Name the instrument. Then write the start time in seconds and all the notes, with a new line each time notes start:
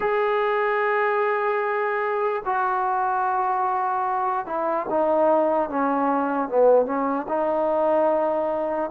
trombone
0.00 G#4
2.45 F#4
4.46 E4
4.89 D#4
5.69 C#4
6.49 B3
6.85 C#4
7.28 D#4